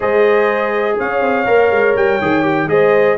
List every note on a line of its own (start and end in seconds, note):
0.00 0.98 G#3
0.00 1.45 G#4
0.00 0.95 C5
0.00 0.98 D#5
0.98 1.21 C#4
0.98 2.69 C#5
0.98 1.96 F5
1.21 1.45 C4
1.45 1.70 A#3
1.45 2.18 A#4
1.71 1.95 G#3
1.96 2.20 G3
1.96 2.69 G5
2.21 2.67 D#3
2.21 2.42 G#4
2.42 2.67 G4
2.67 3.15 G#3
2.67 3.17 G#4
2.67 3.17 C5
2.67 3.17 D#5